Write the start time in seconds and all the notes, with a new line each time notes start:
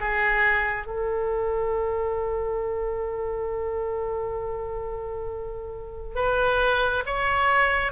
0.00 G#4
0.87 A4
6.15 B4
7.06 C#5